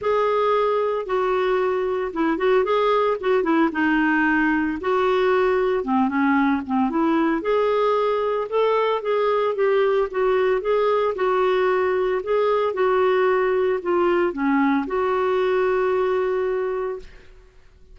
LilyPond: \new Staff \with { instrumentName = "clarinet" } { \time 4/4 \tempo 4 = 113 gis'2 fis'2 | e'8 fis'8 gis'4 fis'8 e'8 dis'4~ | dis'4 fis'2 c'8 cis'8~ | cis'8 c'8 e'4 gis'2 |
a'4 gis'4 g'4 fis'4 | gis'4 fis'2 gis'4 | fis'2 f'4 cis'4 | fis'1 | }